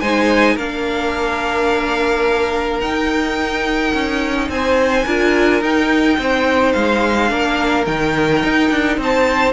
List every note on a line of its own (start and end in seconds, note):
0.00 0.56 G#3
0.00 0.58 D#4
0.00 0.54 C5
0.00 0.56 G#5
0.54 2.80 A#3
0.54 2.82 D4
0.54 4.47 A#4
0.54 2.80 F5
2.80 3.93 D#4
2.80 5.07 D#4
2.80 4.48 G5
3.93 4.48 C#4
4.48 5.04 C4
4.48 5.05 C5
4.48 5.62 G#5
5.05 5.61 D4
5.05 5.61 F4
5.05 6.17 A#4
5.61 6.17 D#4
5.61 7.28 D#4
5.61 6.72 G5
6.18 6.74 C4
6.18 7.30 C5
6.72 7.30 G#3
6.72 7.84 F5
7.28 7.87 A#3
7.28 7.84 D4
7.28 8.99 A#4
7.85 8.43 D#3
7.85 9.52 D#4
7.85 8.98 G5
8.43 8.70 D#4
8.70 8.97 D4
8.97 9.52 C4
8.97 9.52 C5
8.97 9.52 A5